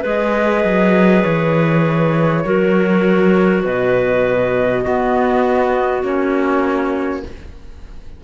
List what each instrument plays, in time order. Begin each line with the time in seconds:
0.00 cello G#3, clarinet G#4 B4, flute D#5
0.64 cello F#3
1.23 cello E3, flute C#5
2.44 cello F#3, clarinet F#4 A#4
3.63 cello B2, clarinet B4, flute D#5
4.83 clarinet B3 F#4, cello B3
6.03 cello A#3, clarinet C#4, flute C#5